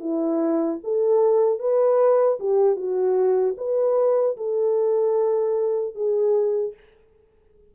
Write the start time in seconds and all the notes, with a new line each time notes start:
0.00 E4
0.83 A4
1.59 B4
2.39 G4
2.76 F#4
3.57 B4
4.37 A4
5.95 G#4